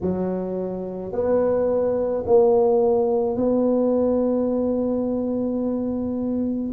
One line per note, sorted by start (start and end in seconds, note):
0.01 1.12 F#3
1.12 2.24 B3
2.26 3.36 A#3
3.36 6.72 B3